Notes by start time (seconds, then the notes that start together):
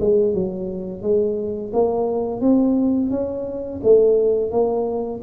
0.00 G#3
0.34 F#3
1.02 G#3
1.73 A#3
2.41 C4
3.10 C#4
3.83 A3
4.51 A#3